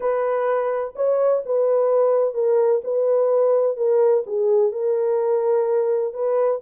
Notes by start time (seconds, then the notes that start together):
0.00 B4
0.95 C#5
1.45 B4
2.34 A#4
2.84 B4
3.76 A#4
4.26 G#4
4.72 A#4
6.13 B4